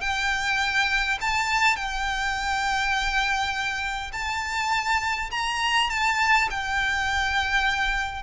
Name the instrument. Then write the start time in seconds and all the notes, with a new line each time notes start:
violin
0.00 G5
1.21 A5
1.76 G5
4.12 A5
5.31 A#5
5.90 A5
6.50 G5